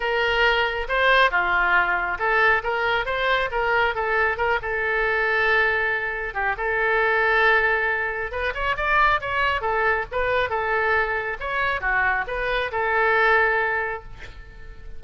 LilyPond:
\new Staff \with { instrumentName = "oboe" } { \time 4/4 \tempo 4 = 137 ais'2 c''4 f'4~ | f'4 a'4 ais'4 c''4 | ais'4 a'4 ais'8 a'4.~ | a'2~ a'8 g'8 a'4~ |
a'2. b'8 cis''8 | d''4 cis''4 a'4 b'4 | a'2 cis''4 fis'4 | b'4 a'2. | }